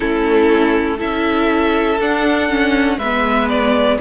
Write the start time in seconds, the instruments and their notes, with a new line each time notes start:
0.00 cello A3, viola C#4, violin E4 A4
0.97 cello C#4, viola E4, violin A4 E5
1.98 cello D4, viola D4, violin F#5
2.48 viola C#4
2.97 cello G#3, violin B4 E5
3.03 viola B3
3.49 violin D5